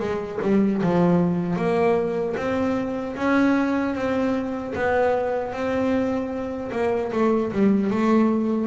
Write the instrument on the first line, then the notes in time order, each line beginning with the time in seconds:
double bass
0.00 G#3
0.42 G3
0.82 F3
1.57 A#3
2.37 C4
3.17 C#4
3.95 C4
4.75 B3
5.53 C4
6.72 A#3
7.13 A3
7.53 G3
7.91 A3